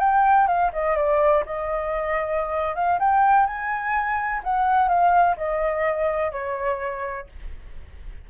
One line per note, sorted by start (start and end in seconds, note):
0.00 0.48 G5
0.48 0.71 F5
0.73 0.97 D#5
0.97 1.44 D5
1.46 2.75 D#5
2.75 2.99 F5
3.00 3.47 G5
3.47 4.42 G#5
4.44 4.89 F#5
4.89 5.36 F5
5.37 6.32 D#5
6.32 7.27 C#5